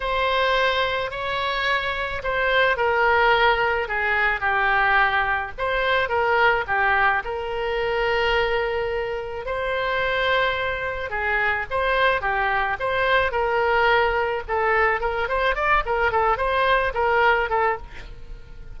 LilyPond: \new Staff \with { instrumentName = "oboe" } { \time 4/4 \tempo 4 = 108 c''2 cis''2 | c''4 ais'2 gis'4 | g'2 c''4 ais'4 | g'4 ais'2.~ |
ais'4 c''2. | gis'4 c''4 g'4 c''4 | ais'2 a'4 ais'8 c''8 | d''8 ais'8 a'8 c''4 ais'4 a'8 | }